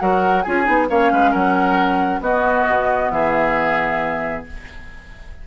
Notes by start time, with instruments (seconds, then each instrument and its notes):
0.00 bassoon F#3, clarinet F#4, oboe A#4, flute F#5
0.42 bassoon C#4, clarinet F4, oboe G#4, flute G#5
0.64 bassoon B3, clarinet D#4
0.90 bassoon A#3, clarinet C#4, oboe C#5, flute F5
1.12 bassoon G#3, oboe B4
1.31 bassoon F#3, oboe A#4, flute F#5
2.20 bassoon B3, clarinet B3, oboe F#4, flute D#5
2.69 bassoon B2
3.11 bassoon E3, oboe G#4, flute E5